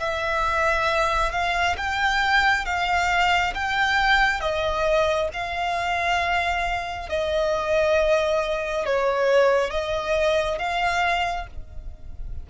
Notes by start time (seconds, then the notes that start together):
0.00 E5
1.32 F5
1.78 G5
2.66 F5
3.55 G5
4.40 D#5
5.33 F5
7.09 D#5
8.86 C#5
9.71 D#5
10.59 F5